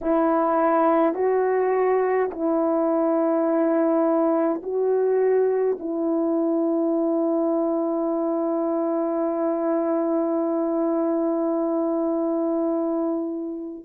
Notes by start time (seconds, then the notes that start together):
0.01 E4
1.14 F#4
2.31 E4
4.62 F#4
5.80 E4